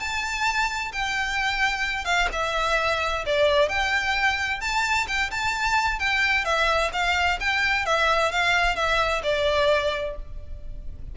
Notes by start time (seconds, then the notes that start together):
0.00 A5
0.93 G5
2.05 F5
2.33 E5
3.26 D5
3.69 G5
4.61 A5
5.08 G5
5.31 A5
6.00 G5
6.45 E5
6.93 F5
7.40 G5
7.86 E5
8.32 F5
8.76 E5
9.23 D5